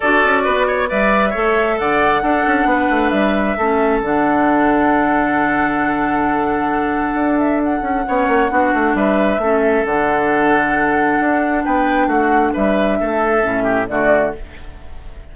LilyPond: <<
  \new Staff \with { instrumentName = "flute" } { \time 4/4 \tempo 4 = 134 d''2 e''2 | fis''2. e''4~ | e''4 fis''2.~ | fis''1~ |
fis''8 e''8 fis''2. | e''2 fis''2~ | fis''2 g''4 fis''4 | e''2. d''4 | }
  \new Staff \with { instrumentName = "oboe" } { \time 4/4 a'4 b'8 cis''8 d''4 cis''4 | d''4 a'4 b'2 | a'1~ | a'1~ |
a'2 cis''4 fis'4 | b'4 a'2.~ | a'2 b'4 fis'4 | b'4 a'4. g'8 fis'4 | }
  \new Staff \with { instrumentName = "clarinet" } { \time 4/4 fis'2 b'4 a'4~ | a'4 d'2. | cis'4 d'2.~ | d'1~ |
d'2 cis'4 d'4~ | d'4 cis'4 d'2~ | d'1~ | d'2 cis'4 a4 | }
  \new Staff \with { instrumentName = "bassoon" } { \time 4/4 d'8 cis'8 b4 g4 a4 | d4 d'8 cis'8 b8 a8 g4 | a4 d2.~ | d1 |
d'4. cis'8 b8 ais8 b8 a8 | g4 a4 d2~ | d4 d'4 b4 a4 | g4 a4 a,4 d4 | }
>>